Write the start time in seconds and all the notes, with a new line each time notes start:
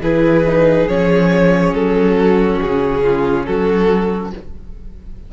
0.00 E3 E4 G#4 B4
0.46 D#4
0.89 F3 C#4 C#5
1.73 F#3 A4
2.18 F#4
2.61 C#3 G#4
3.04 F4
3.46 F#3 F#4 A4